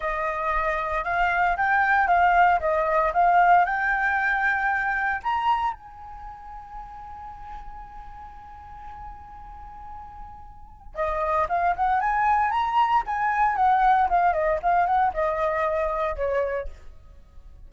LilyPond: \new Staff \with { instrumentName = "flute" } { \time 4/4 \tempo 4 = 115 dis''2 f''4 g''4 | f''4 dis''4 f''4 g''4~ | g''2 ais''4 gis''4~ | gis''1~ |
gis''1~ | gis''4 dis''4 f''8 fis''8 gis''4 | ais''4 gis''4 fis''4 f''8 dis''8 | f''8 fis''8 dis''2 cis''4 | }